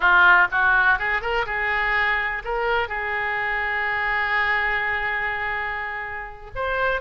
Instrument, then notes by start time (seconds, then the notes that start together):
oboe
0.00 F4
0.51 F#4
0.99 G#4
1.21 A#4
1.46 G#4
2.44 A#4
2.88 G#4
6.55 C5